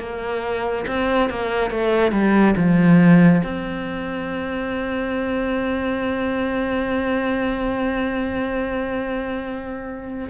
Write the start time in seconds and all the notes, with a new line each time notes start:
0.00 A#3
0.88 C4
1.30 A#3
1.71 A3
2.12 G3
2.57 F3
3.44 C4